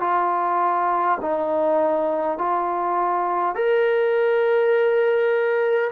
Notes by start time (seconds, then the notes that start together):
0.00 F4
1.21 D#4
2.38 F4
3.55 A#4